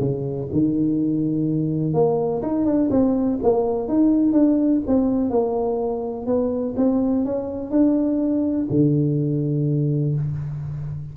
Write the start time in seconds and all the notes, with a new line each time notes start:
0.00 C#3
0.53 D#3
1.94 A#3
2.43 D#4
2.66 D4
2.91 C4
3.43 A#3
3.88 D#4
4.33 D4
4.87 C4
5.30 A#3
6.27 B3
6.77 C4
7.25 C#4
7.71 D4
8.71 D3